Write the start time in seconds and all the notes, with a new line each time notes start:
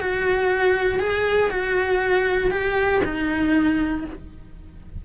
0.00 F#4
0.99 G#4
1.50 F#4
2.50 G4
3.04 D#4